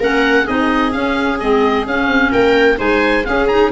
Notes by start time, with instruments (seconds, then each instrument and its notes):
0.00 tuba A#3, clarinet C#4, viola A#4, oboe F#5
0.45 tuba C4, clarinet D#4, viola G#4, oboe D#5
0.92 clarinet C#4, tuba C#4, oboe F5
1.40 tuba G#3, clarinet C4, oboe D#5
1.86 tuba C#4, clarinet C#4, oboe F5
2.08 tuba C4
2.31 tuba A#3, viola A#4, oboe G5
2.77 tuba G#3, clarinet D#4, viola C5, oboe G#5
3.25 clarinet C#4, tuba C#4, viola G#4, oboe F5
3.48 clarinet D#4, oboe A#5